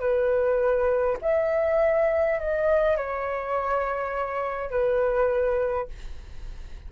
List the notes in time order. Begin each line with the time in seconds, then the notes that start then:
0.00 B4
1.22 E5
2.40 D#5
2.97 C#5
4.71 B4